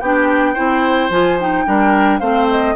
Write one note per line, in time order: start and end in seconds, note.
0.00 0.56 B3
0.00 0.56 D4
0.00 0.54 G4
0.00 1.10 G5
0.54 1.10 C4
0.54 1.11 E4
0.54 1.64 C5
1.10 1.65 F3
1.10 1.39 F4
1.10 1.39 G#5
1.40 1.66 D#4
1.40 2.19 G5
1.66 2.21 G3
1.66 2.21 D4
1.66 2.20 A#4
2.19 2.76 A3
2.19 2.76 C4
2.19 2.75 C5
2.19 2.47 F5
2.51 2.76 D#5